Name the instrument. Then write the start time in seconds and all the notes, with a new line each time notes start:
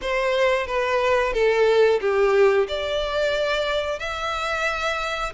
violin
0.01 C5
0.66 B4
1.33 A4
2.00 G4
2.68 D5
3.99 E5